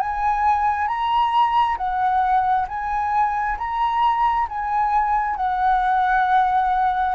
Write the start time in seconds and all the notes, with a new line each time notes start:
0.00 G#5
0.88 A#5
1.77 F#5
2.68 G#5
3.58 A#5
4.49 G#5
5.36 F#5